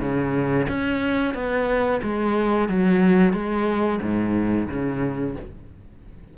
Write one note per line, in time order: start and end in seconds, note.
0.00 0.67 C#3
0.68 1.34 C#4
1.34 2.01 B3
2.02 2.68 G#3
2.68 3.33 F#3
3.33 3.99 G#3
4.02 4.68 G#2
4.69 5.35 C#3